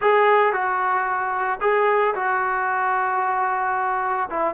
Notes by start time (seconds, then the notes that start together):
0.01 G#4
0.52 F#4
1.60 G#4
2.15 F#4
4.30 E4